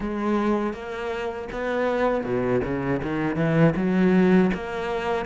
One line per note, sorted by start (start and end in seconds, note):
0.00 0.73 G#3
0.73 1.48 A#3
1.51 2.23 B3
2.23 2.61 B2
2.63 3.01 C#3
3.02 3.36 D#3
3.36 3.73 E3
3.75 4.50 F#3
4.54 5.25 A#3